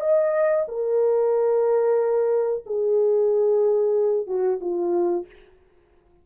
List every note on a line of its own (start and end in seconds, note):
0.00 0.65 D#5
0.68 2.64 A#4
2.65 4.26 G#4
4.26 4.59 F#4
4.60 5.26 F4